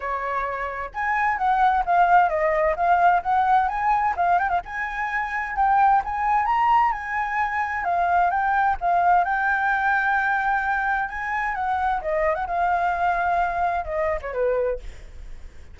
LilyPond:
\new Staff \with { instrumentName = "flute" } { \time 4/4 \tempo 4 = 130 cis''2 gis''4 fis''4 | f''4 dis''4 f''4 fis''4 | gis''4 f''8 g''16 f''16 gis''2 | g''4 gis''4 ais''4 gis''4~ |
gis''4 f''4 g''4 f''4 | g''1 | gis''4 fis''4 dis''8. fis''16 f''4~ | f''2 dis''8. cis''16 b'4 | }